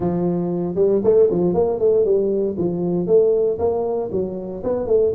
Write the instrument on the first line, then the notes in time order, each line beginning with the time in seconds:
tuba
0.00 F3
0.75 G3
1.04 A3
1.30 F3
1.54 A#3
1.79 A3
2.04 G3
2.57 F3
3.07 A3
3.59 A#3
4.11 F#3
4.63 B3
4.86 A3